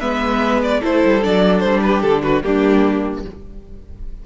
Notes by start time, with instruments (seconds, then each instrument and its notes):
0.00 cello G#3, viola B3, violin B4 E5
0.63 violin D5
0.81 cello A3, viola E4, violin A4 C5
1.05 cello G3
1.22 cello F#3, viola D4, violin D5
1.60 cello G3, violin C5
1.82 violin G4 B4
2.02 cello D3, violin A4
2.23 violin F#4 B4
2.43 cello G3, viola A#3, violin D4 G4